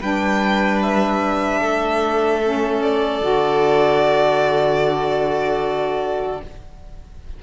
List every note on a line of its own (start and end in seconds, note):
0.00 1.61 G3
0.00 2.40 D4
0.00 1.60 B4
0.00 0.82 G5
0.82 2.82 E5
1.61 3.21 A3
1.61 6.42 A4
2.42 3.21 C#4
2.82 6.42 D5
3.21 6.41 D3
3.21 6.41 F#4